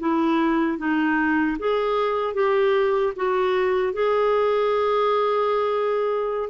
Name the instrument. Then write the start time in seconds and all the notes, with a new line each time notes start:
clarinet
0.00 E4
0.79 D#4
1.59 G#4
2.34 G4
3.17 F#4
3.93 G#4